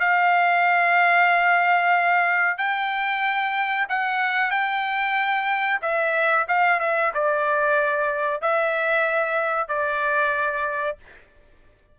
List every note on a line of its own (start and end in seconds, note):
0.00 2.58 F5
2.58 3.87 G5
3.89 4.50 F#5
4.50 5.79 G5
5.82 6.46 E5
6.48 6.80 F5
6.80 7.12 E5
7.14 8.42 D5
8.42 9.68 E5
9.68 10.97 D5